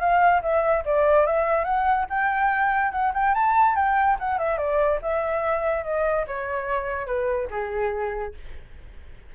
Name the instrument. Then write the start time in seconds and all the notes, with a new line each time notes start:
flute
0.00 F5
0.42 E5
0.85 D5
1.27 E5
1.64 F#5
2.10 G5
2.92 F#5
3.14 G5
3.35 A5
3.76 G5
4.19 F#5
4.39 E5
4.58 D5
5.02 E5
5.84 D#5
6.27 C#5
7.06 B4
7.51 G#4